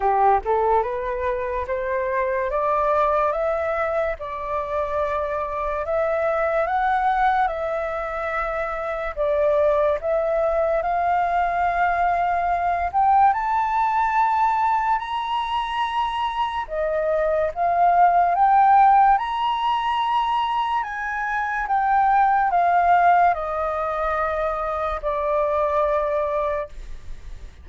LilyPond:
\new Staff \with { instrumentName = "flute" } { \time 4/4 \tempo 4 = 72 g'8 a'8 b'4 c''4 d''4 | e''4 d''2 e''4 | fis''4 e''2 d''4 | e''4 f''2~ f''8 g''8 |
a''2 ais''2 | dis''4 f''4 g''4 ais''4~ | ais''4 gis''4 g''4 f''4 | dis''2 d''2 | }